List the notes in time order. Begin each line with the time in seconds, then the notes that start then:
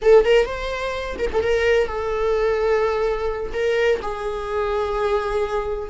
0.02 A4
0.24 A#4
0.45 C5
1.18 A#4
1.32 A4
1.42 A#4
1.87 A4
3.53 A#4
4.02 G#4